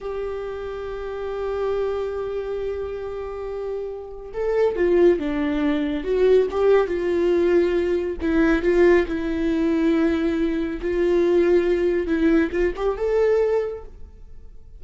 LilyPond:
\new Staff \with { instrumentName = "viola" } { \time 4/4 \tempo 4 = 139 g'1~ | g'1~ | g'2 a'4 f'4 | d'2 fis'4 g'4 |
f'2. e'4 | f'4 e'2.~ | e'4 f'2. | e'4 f'8 g'8 a'2 | }